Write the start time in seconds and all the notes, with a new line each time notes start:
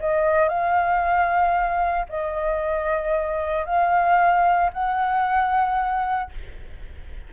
0.00 D#5
0.49 F5
2.09 D#5
3.66 F5
4.73 F#5